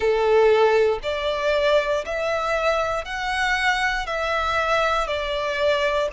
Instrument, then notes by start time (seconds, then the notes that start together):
violin
0.00 A4
1.03 D5
2.05 E5
3.04 F#5
4.06 E5
5.07 D5